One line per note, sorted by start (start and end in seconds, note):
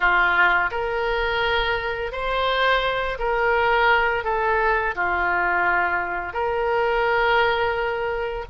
0.00 0.70 F4
0.71 2.12 A#4
2.12 3.18 C5
3.19 4.24 A#4
4.24 4.94 A4
4.95 6.33 F4
6.33 8.45 A#4